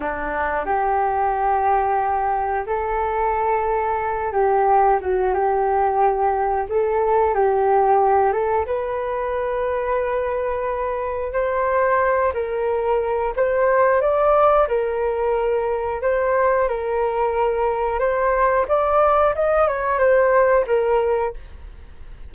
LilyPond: \new Staff \with { instrumentName = "flute" } { \time 4/4 \tempo 4 = 90 d'4 g'2. | a'2~ a'8 g'4 fis'8 | g'2 a'4 g'4~ | g'8 a'8 b'2.~ |
b'4 c''4. ais'4. | c''4 d''4 ais'2 | c''4 ais'2 c''4 | d''4 dis''8 cis''8 c''4 ais'4 | }